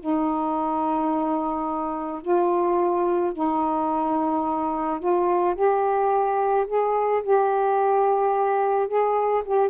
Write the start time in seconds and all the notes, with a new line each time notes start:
0.00 D#4
2.22 F4
3.33 D#4
5.00 F4
5.55 G4
6.67 G#4
7.23 G4
8.88 G#4
9.45 G4